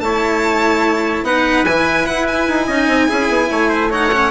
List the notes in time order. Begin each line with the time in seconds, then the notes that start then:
0.00 A3 E4 C#5 A5
1.23 B3 D#4 B4 F#5
1.65 E3 E4 G#5
2.06 E4 F#5
2.27 G#5
2.48 D#4
2.67 C#4 D#4 D#5
2.88 C4
3.09 C#4 E4 G#4
3.29 B3
3.51 A3 C#5
3.69 C5
3.90 D#4 C#5 F#5
4.12 C#4